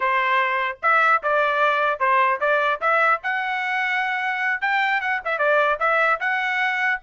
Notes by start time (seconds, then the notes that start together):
0.00 C5
0.82 E5
1.22 D5
1.99 C5
2.40 D5
2.81 E5
3.23 F#5
4.61 G5
5.01 F#5
5.24 E5
5.38 D5
5.79 E5
6.20 F#5